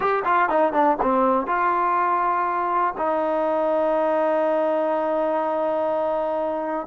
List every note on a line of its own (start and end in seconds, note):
0.00 0.23 G4
0.25 0.49 F4
0.49 0.72 D#4
0.72 0.97 D4
1.01 1.46 C4
1.46 2.94 F4
2.97 6.87 D#4